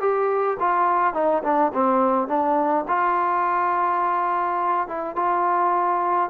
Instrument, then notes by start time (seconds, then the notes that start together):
trombone
0.00 G4
0.59 F4
1.14 D#4
1.43 D4
1.73 C4
2.28 D4
2.88 F4
4.88 E4
5.16 F4